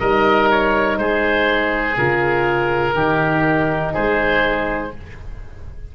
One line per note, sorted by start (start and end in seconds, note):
0.00 0.98 G3
0.00 1.97 D#4
0.00 0.99 A#4
0.00 0.49 D#5
0.51 0.98 C#5
0.98 1.96 G#3
0.98 2.95 G#4
0.98 1.96 C5
1.97 2.94 C#3
1.97 2.96 F4
1.97 3.94 A#4
2.94 3.93 D#3
2.94 4.92 D#4
2.94 3.93 G4
3.93 4.95 G#3
3.93 4.91 G#4
3.93 4.93 C5